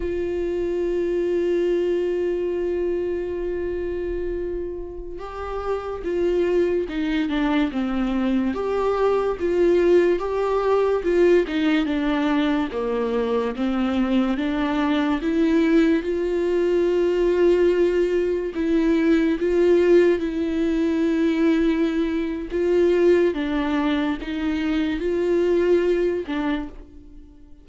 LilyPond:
\new Staff \with { instrumentName = "viola" } { \time 4/4 \tempo 4 = 72 f'1~ | f'2~ f'16 g'4 f'8.~ | f'16 dis'8 d'8 c'4 g'4 f'8.~ | f'16 g'4 f'8 dis'8 d'4 ais8.~ |
ais16 c'4 d'4 e'4 f'8.~ | f'2~ f'16 e'4 f'8.~ | f'16 e'2~ e'8. f'4 | d'4 dis'4 f'4. d'8 | }